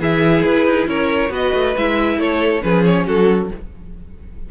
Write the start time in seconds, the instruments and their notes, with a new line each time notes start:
0.00 cello E3, viola E4, violin G#4 E5
0.44 cello E4, violin B4
0.66 cello D#4
0.87 cello C#4, violin A#4 C#5
1.30 cello B3, viola F#4, violin B4 D#5
1.54 cello A3
1.77 cello G#3, viola E4, violin E5
2.17 cello A3, violin A4 C#5
2.62 cello F3, viola C#4, violin G#4 B4
2.85 violin C#5
3.06 cello F#3, violin F#4 A4